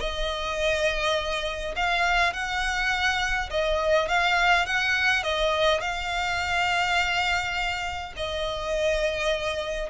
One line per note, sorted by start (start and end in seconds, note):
0.00 1.75 D#5
1.76 2.33 F5
2.33 3.50 F#5
3.50 4.08 D#5
4.08 4.66 F5
4.66 5.23 F#5
5.23 5.81 D#5
5.81 8.14 F5
8.17 9.90 D#5